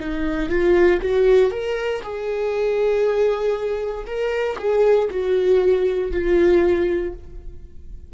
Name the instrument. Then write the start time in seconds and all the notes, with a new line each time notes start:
viola
0.00 D#4
0.49 F4
1.02 F#4
1.51 A#4
2.03 G#4
4.06 A#4
4.59 G#4
5.10 F#4
6.12 F4